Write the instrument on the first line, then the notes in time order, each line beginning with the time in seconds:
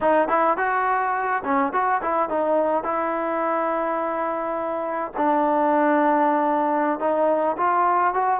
trombone
0.00 D#4
0.28 E4
0.57 F#4
1.44 C#4
1.72 F#4
2.02 E4
2.29 D#4
2.83 E4
5.16 D4
6.99 D#4
7.57 F4
8.14 F#4